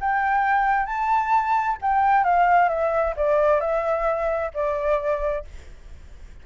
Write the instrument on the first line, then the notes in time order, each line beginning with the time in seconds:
flute
0.00 G5
0.86 A5
1.81 G5
2.24 F5
2.69 E5
3.16 D5
3.60 E5
4.54 D5